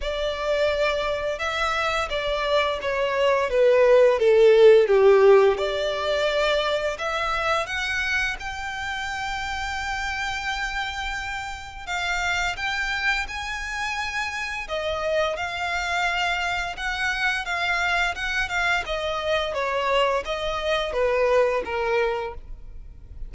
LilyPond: \new Staff \with { instrumentName = "violin" } { \time 4/4 \tempo 4 = 86 d''2 e''4 d''4 | cis''4 b'4 a'4 g'4 | d''2 e''4 fis''4 | g''1~ |
g''4 f''4 g''4 gis''4~ | gis''4 dis''4 f''2 | fis''4 f''4 fis''8 f''8 dis''4 | cis''4 dis''4 b'4 ais'4 | }